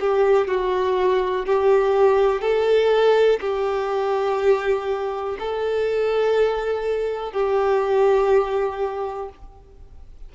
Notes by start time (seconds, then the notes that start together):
0.00 G4
0.47 F#4
1.46 G4
2.41 A4
3.40 G4
5.39 A4
7.32 G4